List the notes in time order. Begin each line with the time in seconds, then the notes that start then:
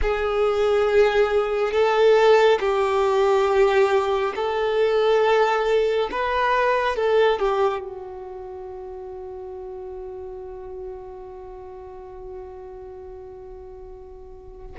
0.02 G#4
1.72 A4
2.60 G4
4.35 A4
6.11 B4
6.96 A4
7.39 G4
7.79 F#4